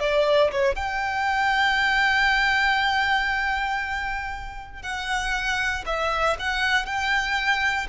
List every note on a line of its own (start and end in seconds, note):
0.00 0.51 D5
0.51 0.76 C#5
0.76 4.83 G5
4.83 5.84 F#5
5.86 6.37 E5
6.39 6.86 F#5
6.86 7.87 G5